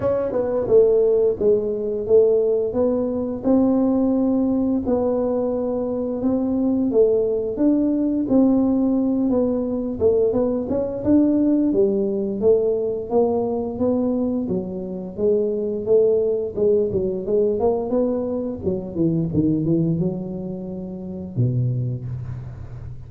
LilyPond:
\new Staff \with { instrumentName = "tuba" } { \time 4/4 \tempo 4 = 87 cis'8 b8 a4 gis4 a4 | b4 c'2 b4~ | b4 c'4 a4 d'4 | c'4. b4 a8 b8 cis'8 |
d'4 g4 a4 ais4 | b4 fis4 gis4 a4 | gis8 fis8 gis8 ais8 b4 fis8 e8 | dis8 e8 fis2 b,4 | }